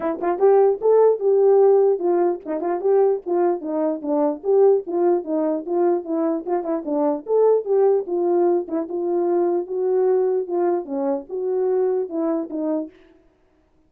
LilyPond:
\new Staff \with { instrumentName = "horn" } { \time 4/4 \tempo 4 = 149 e'8 f'8 g'4 a'4 g'4~ | g'4 f'4 dis'8 f'8 g'4 | f'4 dis'4 d'4 g'4 | f'4 dis'4 f'4 e'4 |
f'8 e'8 d'4 a'4 g'4 | f'4. e'8 f'2 | fis'2 f'4 cis'4 | fis'2 e'4 dis'4 | }